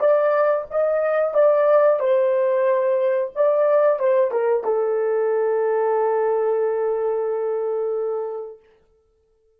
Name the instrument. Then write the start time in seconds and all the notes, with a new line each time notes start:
horn
0.00 D5
0.70 D#5
1.34 D5
1.99 C5
3.35 D5
3.99 C5
4.31 A#4
4.64 A4